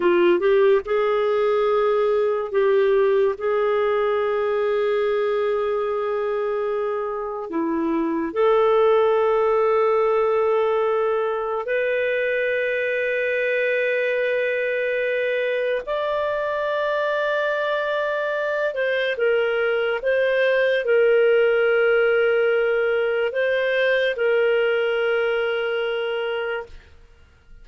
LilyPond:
\new Staff \with { instrumentName = "clarinet" } { \time 4/4 \tempo 4 = 72 f'8 g'8 gis'2 g'4 | gis'1~ | gis'4 e'4 a'2~ | a'2 b'2~ |
b'2. d''4~ | d''2~ d''8 c''8 ais'4 | c''4 ais'2. | c''4 ais'2. | }